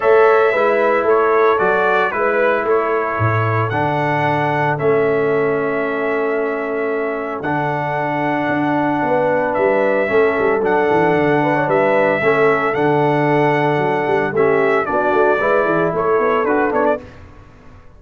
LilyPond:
<<
  \new Staff \with { instrumentName = "trumpet" } { \time 4/4 \tempo 4 = 113 e''2 cis''4 d''4 | b'4 cis''2 fis''4~ | fis''4 e''2.~ | e''2 fis''2~ |
fis''2 e''2 | fis''2 e''2 | fis''2. e''4 | d''2 cis''4 b'8 cis''16 d''16 | }
  \new Staff \with { instrumentName = "horn" } { \time 4/4 cis''4 b'4 a'2 | b'4 a'2.~ | a'1~ | a'1~ |
a'4 b'2 a'4~ | a'4. b'16 cis''16 b'4 a'4~ | a'2. g'4 | fis'4 b'8 gis'8 a'2 | }
  \new Staff \with { instrumentName = "trombone" } { \time 4/4 a'4 e'2 fis'4 | e'2. d'4~ | d'4 cis'2.~ | cis'2 d'2~ |
d'2. cis'4 | d'2. cis'4 | d'2. cis'4 | d'4 e'2 fis'8 d'8 | }
  \new Staff \with { instrumentName = "tuba" } { \time 4/4 a4 gis4 a4 fis4 | gis4 a4 a,4 d4~ | d4 a2.~ | a2 d2 |
d'4 b4 g4 a8 g8 | fis8 e8 d4 g4 a4 | d2 fis8 g8 a4 | b8 a8 gis8 e8 a8 b8 d'8 b8 | }
>>